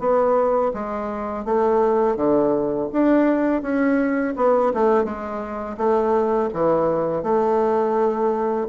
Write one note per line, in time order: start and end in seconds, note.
0.00 0.72 B3
0.74 1.45 G#3
1.45 2.17 A3
2.17 2.89 D3
2.93 3.63 D4
3.63 4.35 C#4
4.37 4.73 B3
4.74 5.05 A3
5.05 5.77 G#3
5.78 6.50 A3
6.54 7.23 E3
7.23 8.68 A3